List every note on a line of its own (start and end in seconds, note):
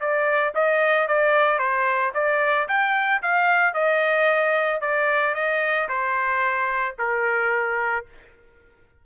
0.00 0.54 D5
0.55 1.08 D#5
1.08 1.59 D5
1.59 2.12 C5
2.14 2.68 D5
2.68 3.22 G5
3.22 3.74 F5
3.74 4.81 D#5
4.81 5.34 D5
5.34 5.88 D#5
5.89 6.96 C5
6.98 8.06 A#4